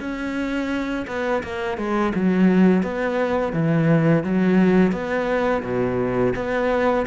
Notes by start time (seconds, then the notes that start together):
0.00 C#4
1.07 B3
1.43 A#3
1.77 G#3
2.15 F#3
2.83 B3
3.53 E3
4.23 F#3
4.92 B3
5.62 B2
6.35 B3